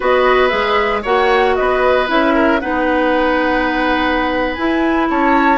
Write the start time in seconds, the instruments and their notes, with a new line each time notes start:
0.00 bassoon B3, clarinet F#4, oboe B4, flute D#5
0.48 bassoon G#3, clarinet G#4, flute E5
1.02 bassoon A#3, clarinet F#4, oboe C#5, flute F#5
1.55 bassoon B3, oboe B4, flute D#5
2.07 bassoon C#4, clarinet E4, flute E5
2.34 oboe A#4
2.60 bassoon B3, clarinet D#4, oboe B4, flute F#5
4.53 clarinet E4, bassoon E4, flute G#5
5.10 bassoon C#4, oboe C#5, flute A5